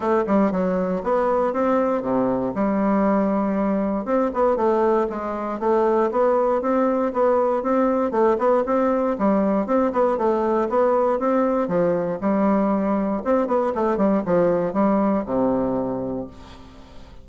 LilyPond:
\new Staff \with { instrumentName = "bassoon" } { \time 4/4 \tempo 4 = 118 a8 g8 fis4 b4 c'4 | c4 g2. | c'8 b8 a4 gis4 a4 | b4 c'4 b4 c'4 |
a8 b8 c'4 g4 c'8 b8 | a4 b4 c'4 f4 | g2 c'8 b8 a8 g8 | f4 g4 c2 | }